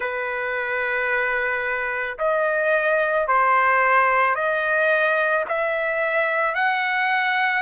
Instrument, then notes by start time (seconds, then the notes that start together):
trumpet
0.00 B4
2.18 D#5
3.27 C5
4.35 D#5
5.48 E5
6.55 F#5